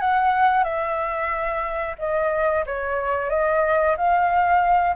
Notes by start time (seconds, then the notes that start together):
0.00 F#5
0.64 E5
1.98 D#5
2.66 C#5
3.30 D#5
3.97 F5